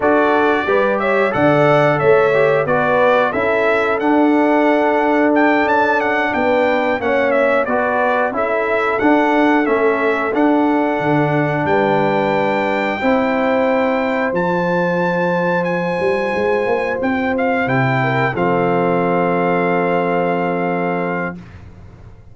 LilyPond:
<<
  \new Staff \with { instrumentName = "trumpet" } { \time 4/4 \tempo 4 = 90 d''4. e''8 fis''4 e''4 | d''4 e''4 fis''2 | g''8 a''8 fis''8 g''4 fis''8 e''8 d''8~ | d''8 e''4 fis''4 e''4 fis''8~ |
fis''4. g''2~ g''8~ | g''4. a''2 gis''8~ | gis''4. g''8 f''8 g''4 f''8~ | f''1 | }
  \new Staff \with { instrumentName = "horn" } { \time 4/4 a'4 b'8 cis''8 d''4 cis''4 | b'4 a'2.~ | a'4. b'4 cis''4 b'8~ | b'8 a'2.~ a'8~ |
a'4. b'2 c''8~ | c''1~ | c''2. ais'8 a'8~ | a'1 | }
  \new Staff \with { instrumentName = "trombone" } { \time 4/4 fis'4 g'4 a'4. g'8 | fis'4 e'4 d'2~ | d'2~ d'8 cis'4 fis'8~ | fis'8 e'4 d'4 cis'4 d'8~ |
d'2.~ d'8 e'8~ | e'4. f'2~ f'8~ | f'2~ f'8 e'4 c'8~ | c'1 | }
  \new Staff \with { instrumentName = "tuba" } { \time 4/4 d'4 g4 d4 a4 | b4 cis'4 d'2~ | d'8 cis'4 b4 ais4 b8~ | b8 cis'4 d'4 a4 d'8~ |
d'8 d4 g2 c'8~ | c'4. f2~ f8 | g8 gis8 ais8 c'4 c4 f8~ | f1 | }
>>